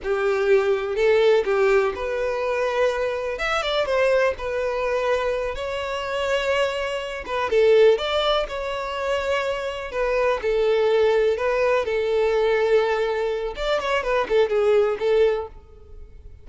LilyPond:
\new Staff \with { instrumentName = "violin" } { \time 4/4 \tempo 4 = 124 g'2 a'4 g'4 | b'2. e''8 d''8 | c''4 b'2~ b'8 cis''8~ | cis''2. b'8 a'8~ |
a'8 d''4 cis''2~ cis''8~ | cis''8 b'4 a'2 b'8~ | b'8 a'2.~ a'8 | d''8 cis''8 b'8 a'8 gis'4 a'4 | }